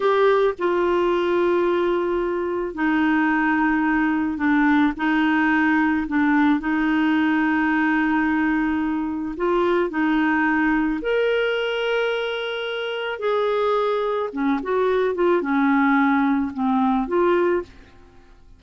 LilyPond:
\new Staff \with { instrumentName = "clarinet" } { \time 4/4 \tempo 4 = 109 g'4 f'2.~ | f'4 dis'2. | d'4 dis'2 d'4 | dis'1~ |
dis'4 f'4 dis'2 | ais'1 | gis'2 cis'8 fis'4 f'8 | cis'2 c'4 f'4 | }